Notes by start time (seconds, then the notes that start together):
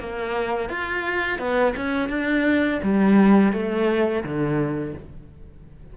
0.00 A#3
0.69 F4
1.39 B3
1.76 C#4
2.09 D4
2.83 G3
3.53 A3
4.24 D3